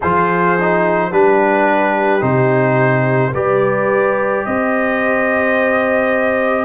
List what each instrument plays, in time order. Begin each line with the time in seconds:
0.00 tuba F3, trombone F4, horn G#4, trumpet C5
0.60 trombone D#4
1.11 tuba G3, trombone D4, horn G4, trumpet B4
2.20 tuba C3, trombone D#4, trumpet C5
3.32 tuba G3, trombone G4, horn B4, trumpet D5
4.45 tuba C4, horn C5, trumpet D#5